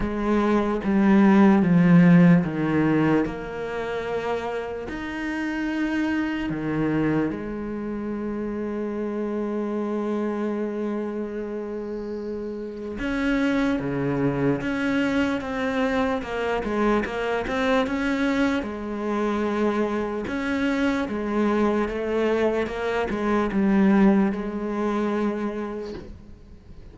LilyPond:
\new Staff \with { instrumentName = "cello" } { \time 4/4 \tempo 4 = 74 gis4 g4 f4 dis4 | ais2 dis'2 | dis4 gis2.~ | gis1 |
cis'4 cis4 cis'4 c'4 | ais8 gis8 ais8 c'8 cis'4 gis4~ | gis4 cis'4 gis4 a4 | ais8 gis8 g4 gis2 | }